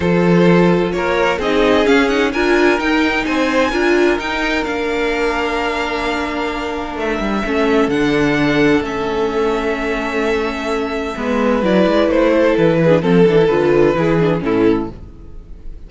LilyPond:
<<
  \new Staff \with { instrumentName = "violin" } { \time 4/4 \tempo 4 = 129 c''2 cis''4 dis''4 | f''8 fis''8 gis''4 g''4 gis''4~ | gis''4 g''4 f''2~ | f''2. e''4~ |
e''4 fis''2 e''4~ | e''1~ | e''4 d''4 c''4 b'4 | a'4 b'2 a'4 | }
  \new Staff \with { instrumentName = "violin" } { \time 4/4 a'2 ais'4 gis'4~ | gis'4 ais'2 c''4 | ais'1~ | ais'1 |
a'1~ | a'1 | b'2~ b'8 a'4 gis'8 | a'2 gis'4 e'4 | }
  \new Staff \with { instrumentName = "viola" } { \time 4/4 f'2. dis'4 | cis'8 dis'8 f'4 dis'2 | f'4 dis'4 d'2~ | d'1 |
cis'4 d'2 cis'4~ | cis'1 | b4 e'2~ e'8. d'16 | c'8 d'16 e'16 f'4 e'8 d'8 cis'4 | }
  \new Staff \with { instrumentName = "cello" } { \time 4/4 f2 ais4 c'4 | cis'4 d'4 dis'4 c'4 | d'4 dis'4 ais2~ | ais2. a8 g8 |
a4 d2 a4~ | a1 | gis4 fis8 gis8 a4 e4 | f8 e8 d4 e4 a,4 | }
>>